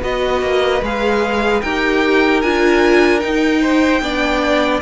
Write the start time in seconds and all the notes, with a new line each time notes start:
0.00 B3 F#4 B4 D#5
0.41 A#3
0.82 G#3 G#4 F5
1.62 D#4 G4 A#4 G5
2.42 D4 F4 G#5
3.20 D#4 G5
3.62 C5
4.01 B3 D4 D5